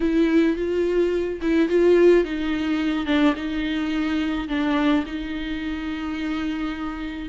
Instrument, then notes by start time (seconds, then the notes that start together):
viola
0.00 E4
0.56 F4
1.41 E4
1.68 F4
2.24 D#4
3.06 D4
3.35 D#4
4.48 D4
5.06 D#4